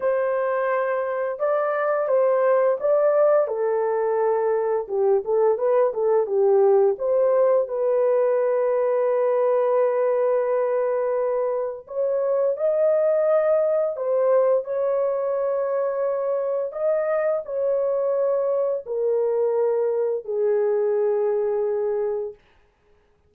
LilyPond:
\new Staff \with { instrumentName = "horn" } { \time 4/4 \tempo 4 = 86 c''2 d''4 c''4 | d''4 a'2 g'8 a'8 | b'8 a'8 g'4 c''4 b'4~ | b'1~ |
b'4 cis''4 dis''2 | c''4 cis''2. | dis''4 cis''2 ais'4~ | ais'4 gis'2. | }